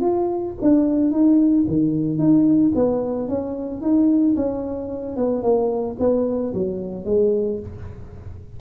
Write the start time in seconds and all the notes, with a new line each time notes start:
0.00 F4
0.61 D4
1.11 D#4
1.67 D#3
2.18 D#4
2.74 B3
3.28 C#4
3.81 D#4
4.36 C#4
5.16 B3
5.42 A#3
5.99 B3
6.54 F#3
7.05 G#3